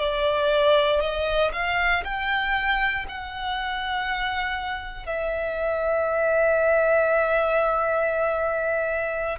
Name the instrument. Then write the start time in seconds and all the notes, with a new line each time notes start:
violin
0.00 D5
1.00 D#5
1.53 F5
2.04 G5
3.08 F#5
5.06 E5